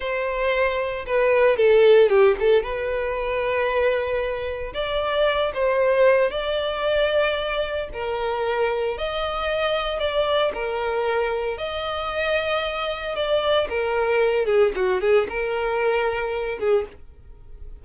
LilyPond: \new Staff \with { instrumentName = "violin" } { \time 4/4 \tempo 4 = 114 c''2 b'4 a'4 | g'8 a'8 b'2.~ | b'4 d''4. c''4. | d''2. ais'4~ |
ais'4 dis''2 d''4 | ais'2 dis''2~ | dis''4 d''4 ais'4. gis'8 | fis'8 gis'8 ais'2~ ais'8 gis'8 | }